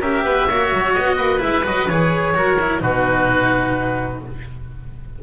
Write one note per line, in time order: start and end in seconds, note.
0.00 0.24 C#4
0.00 0.48 G4
0.00 0.23 A#4
0.00 0.94 E5
0.24 0.47 B3
0.24 0.49 B4
0.48 0.72 A#3
0.48 1.39 F#4
0.48 1.16 C#5
0.72 0.96 F#3
0.94 1.17 B3
0.94 1.40 D#5
1.16 1.41 A#3
1.16 2.33 B4
1.39 1.66 G#3
1.39 1.62 E4
1.39 1.65 E5
1.64 1.88 F#3
1.64 1.87 F#4
1.64 1.88 D#5
1.88 2.34 E3
1.88 2.34 G#4
1.88 2.81 C#5
2.34 2.81 F#3
2.34 2.58 F#4
2.34 2.82 A#4
2.61 2.79 E4
2.79 4.22 B2
2.79 4.20 D#4
2.79 4.23 F#4
2.79 4.22 B4